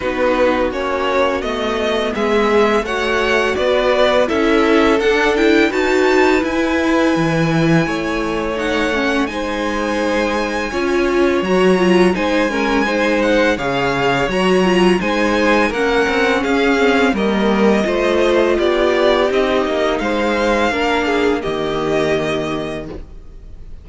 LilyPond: <<
  \new Staff \with { instrumentName = "violin" } { \time 4/4 \tempo 4 = 84 b'4 cis''4 dis''4 e''4 | fis''4 d''4 e''4 fis''8 g''8 | a''4 gis''2. | fis''4 gis''2. |
ais''4 gis''4. fis''8 f''4 | ais''4 gis''4 fis''4 f''4 | dis''2 d''4 dis''4 | f''2 dis''2 | }
  \new Staff \with { instrumentName = "violin" } { \time 4/4 fis'2. gis'4 | cis''4 b'4 a'2 | b'2. cis''4~ | cis''4 c''2 cis''4~ |
cis''4 c''8 ais'8 c''4 cis''4~ | cis''4 c''4 ais'4 gis'4 | ais'4 c''4 g'2 | c''4 ais'8 gis'8 g'2 | }
  \new Staff \with { instrumentName = "viola" } { \time 4/4 dis'4 cis'4 b2 | fis'2 e'4 d'8 e'8 | fis'4 e'2. | dis'8 cis'8 dis'2 f'4 |
fis'8 f'8 dis'8 cis'8 dis'4 gis'4 | fis'8 f'8 dis'4 cis'4. c'8 | ais4 f'2 dis'4~ | dis'4 d'4 ais2 | }
  \new Staff \with { instrumentName = "cello" } { \time 4/4 b4 ais4 a4 gis4 | a4 b4 cis'4 d'4 | dis'4 e'4 e4 a4~ | a4 gis2 cis'4 |
fis4 gis2 cis4 | fis4 gis4 ais8 c'8 cis'4 | g4 a4 b4 c'8 ais8 | gis4 ais4 dis2 | }
>>